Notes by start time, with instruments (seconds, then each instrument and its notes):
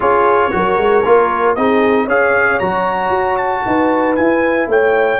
0.00 tuba C#4, trombone F4, horn G#4, trumpet C#5
0.51 tuba F#3, trombone F#4, horn A#4
0.77 tuba G#3
1.04 tuba A#3, trombone F4
1.55 tuba C4, trombone D#4, horn G#4, trumpet D#5
2.05 tuba C#4, trombone G#4, horn C#5, trumpet F5
2.59 tuba F#3, trombone F#4, trumpet A#5
3.09 tuba F#4
3.37 trumpet A5
3.66 tuba D#4, horn B4
4.15 trombone E4, tuba E4, trumpet G#5
4.67 tuba A3, horn C#5, trumpet G5